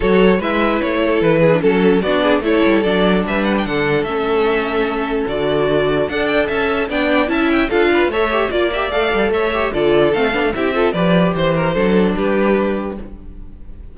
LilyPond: <<
  \new Staff \with { instrumentName = "violin" } { \time 4/4 \tempo 4 = 148 cis''4 e''4 cis''4 b'4 | a'4 d''4 cis''4 d''4 | e''8 fis''16 g''16 fis''4 e''2~ | e''4 d''2 fis''8 g''8 |
a''4 g''4 a''8 g''8 f''4 | e''4 d''8 e''8 f''4 e''4 | d''4 f''4 e''4 d''4 | c''2 b'2 | }
  \new Staff \with { instrumentName = "violin" } { \time 4/4 a'4 b'4. a'4 gis'8 | a'4 fis'8 gis'8 a'2 | b'4 a'2.~ | a'2. d''4 |
e''4 d''4 e''4 a'8 b'8 | cis''4 d''2 cis''4 | a'2 g'8 a'8 b'4 | c''8 ais'8 a'4 g'2 | }
  \new Staff \with { instrumentName = "viola" } { \time 4/4 fis'4 e'2~ e'8. d'16 | cis'4 d'4 e'4 d'4~ | d'2 cis'2~ | cis'4 fis'2 a'4~ |
a'4 d'4 e'4 f'4 | a'8 g'8 f'8 g'8 a'4. g'8 | f'4 c'8 d'8 e'8 f'8 g'4~ | g'4 d'2. | }
  \new Staff \with { instrumentName = "cello" } { \time 4/4 fis4 gis4 a4 e4 | fis4 b4 a8 g8 fis4 | g4 d4 a2~ | a4 d2 d'4 |
cis'4 b4 cis'4 d'4 | a4 ais4 a8 g8 a4 | d4 a8 b16 a16 c'4 f4 | e4 fis4 g2 | }
>>